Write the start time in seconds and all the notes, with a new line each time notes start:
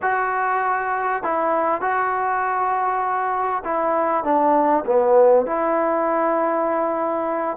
0.02 F#4
1.23 E4
1.81 F#4
3.64 E4
4.23 D4
4.86 B3
5.46 E4